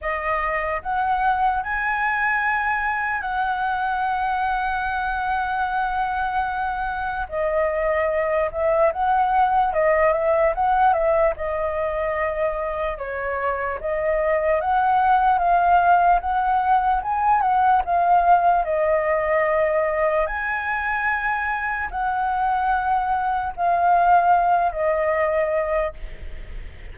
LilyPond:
\new Staff \with { instrumentName = "flute" } { \time 4/4 \tempo 4 = 74 dis''4 fis''4 gis''2 | fis''1~ | fis''4 dis''4. e''8 fis''4 | dis''8 e''8 fis''8 e''8 dis''2 |
cis''4 dis''4 fis''4 f''4 | fis''4 gis''8 fis''8 f''4 dis''4~ | dis''4 gis''2 fis''4~ | fis''4 f''4. dis''4. | }